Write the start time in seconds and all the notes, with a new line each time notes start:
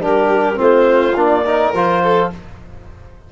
0.00 G3 D4 G4 A#4
0.55 A3 C4 F4 C5
1.16 A#3 D4 D5
1.45 D#4 A#4
1.73 F3 F4 C5
2.03 A4